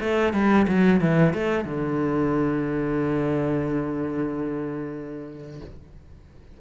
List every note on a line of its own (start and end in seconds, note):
0.00 0.33 A3
0.33 0.66 G3
0.67 1.00 F#3
1.00 1.33 E3
1.33 1.65 A3
1.65 5.60 D3